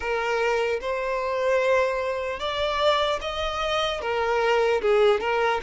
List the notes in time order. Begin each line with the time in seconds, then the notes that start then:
0.00 A#4
0.80 C5
2.39 D5
3.21 D#5
4.01 A#4
4.81 G#4
5.20 A#4